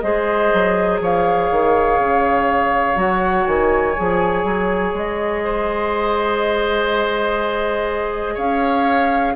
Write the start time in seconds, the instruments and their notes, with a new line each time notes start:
0.00 bassoon G#3, clarinet G#4, oboe C5, flute D#5
0.53 bassoon F#3
1.01 bassoon F3, oboe C#5, flute F5
1.51 bassoon D#3
1.99 bassoon C#3
2.95 bassoon F#3, clarinet F#4, flute F#5
3.46 bassoon D#3, flute G#5
3.97 bassoon F3, clarinet G#4
4.44 bassoon F#3
4.94 bassoon G#3, flute D#5
5.44 oboe C5
8.34 bassoon C#4, oboe C#5, flute F5